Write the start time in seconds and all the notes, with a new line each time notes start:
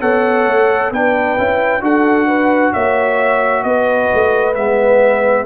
0.00 B3 A4 C#5 F#5
0.46 A3
0.91 B3 D4 B4 G5
1.37 C#4 E4
1.80 D4 F#4 A4 F#5
2.27 B4
2.73 A#3 C#5 E5
3.63 B3 B4 D#5
4.13 A3
4.55 G#3 B3 E5